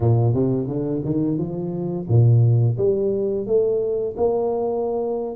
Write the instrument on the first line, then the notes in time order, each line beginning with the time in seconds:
tuba
0.00 A#2
0.33 C3
0.67 D3
1.05 D#3
1.38 F3
2.08 A#2
2.77 G3
3.46 A3
4.17 A#3